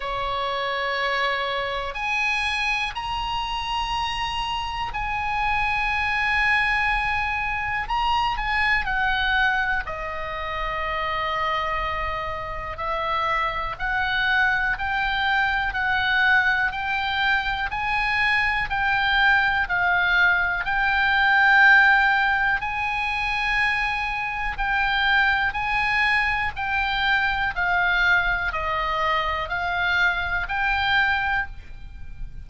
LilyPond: \new Staff \with { instrumentName = "oboe" } { \time 4/4 \tempo 4 = 61 cis''2 gis''4 ais''4~ | ais''4 gis''2. | ais''8 gis''8 fis''4 dis''2~ | dis''4 e''4 fis''4 g''4 |
fis''4 g''4 gis''4 g''4 | f''4 g''2 gis''4~ | gis''4 g''4 gis''4 g''4 | f''4 dis''4 f''4 g''4 | }